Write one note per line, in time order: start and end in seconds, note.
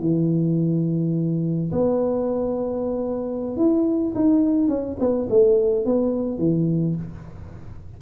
0.00 1.71 E3
1.72 3.57 B3
3.57 4.14 E4
4.15 4.68 D#4
4.68 4.97 C#4
5.00 5.28 B3
5.30 5.86 A3
5.86 6.38 B3
6.38 6.95 E3